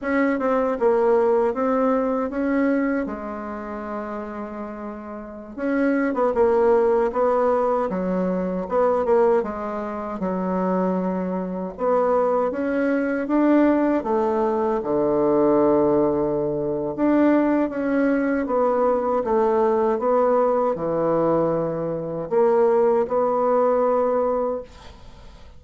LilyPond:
\new Staff \with { instrumentName = "bassoon" } { \time 4/4 \tempo 4 = 78 cis'8 c'8 ais4 c'4 cis'4 | gis2.~ gis16 cis'8. | b16 ais4 b4 fis4 b8 ais16~ | ais16 gis4 fis2 b8.~ |
b16 cis'4 d'4 a4 d8.~ | d2 d'4 cis'4 | b4 a4 b4 e4~ | e4 ais4 b2 | }